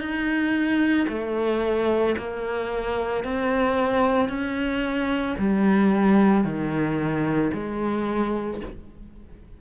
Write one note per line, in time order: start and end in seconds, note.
0.00 1.07 D#4
1.09 2.16 A3
2.18 3.24 A#3
3.24 4.29 C4
4.29 5.36 C#4
5.39 6.44 G3
6.44 7.51 D#3
7.54 8.61 G#3